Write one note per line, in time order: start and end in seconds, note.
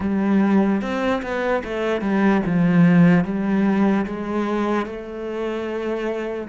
0.00 0.81 G3
0.81 1.22 C4
1.22 1.63 B3
1.64 2.01 A3
2.01 2.41 G3
2.45 3.24 F3
3.24 4.05 G3
4.05 4.85 G#3
4.85 6.48 A3